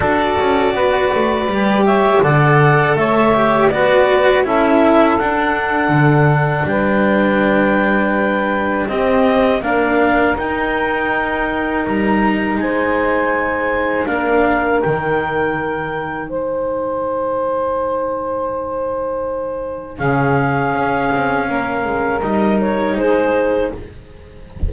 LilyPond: <<
  \new Staff \with { instrumentName = "clarinet" } { \time 4/4 \tempo 4 = 81 d''2~ d''8 e''8 fis''4 | e''4 d''4 e''4 fis''4~ | fis''4 g''2. | dis''4 f''4 g''2 |
ais''4 gis''2 f''4 | g''2 gis''2~ | gis''2. f''4~ | f''2 dis''8 cis''8 c''4 | }
  \new Staff \with { instrumentName = "saxophone" } { \time 4/4 a'4 b'4. cis''8 d''4 | cis''4 b'4 a'2~ | a'4 b'2. | g'4 ais'2.~ |
ais'4 c''2 ais'4~ | ais'2 c''2~ | c''2. gis'4~ | gis'4 ais'2 gis'4 | }
  \new Staff \with { instrumentName = "cello" } { \time 4/4 fis'2 g'4 a'4~ | a'8 g'8 fis'4 e'4 d'4~ | d'1 | c'4 d'4 dis'2~ |
dis'2. d'4 | dis'1~ | dis'2. cis'4~ | cis'2 dis'2 | }
  \new Staff \with { instrumentName = "double bass" } { \time 4/4 d'8 cis'8 b8 a8 g4 d4 | a4 b4 cis'4 d'4 | d4 g2. | c'4 ais4 dis'2 |
g4 gis2 ais4 | dis2 gis2~ | gis2. cis4 | cis'8 c'8 ais8 gis8 g4 gis4 | }
>>